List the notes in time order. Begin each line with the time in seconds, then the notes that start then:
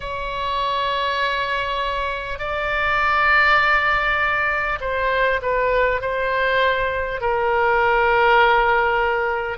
0.00 C#5
2.38 D5
4.80 C5
5.42 B4
6.01 C5
7.21 A#4